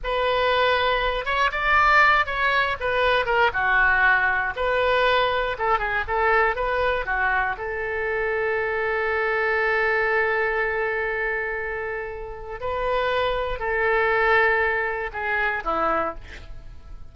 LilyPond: \new Staff \with { instrumentName = "oboe" } { \time 4/4 \tempo 4 = 119 b'2~ b'8 cis''8 d''4~ | d''8 cis''4 b'4 ais'8 fis'4~ | fis'4 b'2 a'8 gis'8 | a'4 b'4 fis'4 a'4~ |
a'1~ | a'1~ | a'4 b'2 a'4~ | a'2 gis'4 e'4 | }